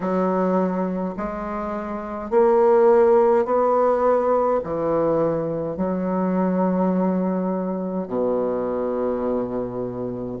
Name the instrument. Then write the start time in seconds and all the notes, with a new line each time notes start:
bassoon
0.00 F#3
1.16 G#3
2.30 A#3
3.45 B3
4.63 E3
5.76 F#3
8.07 B2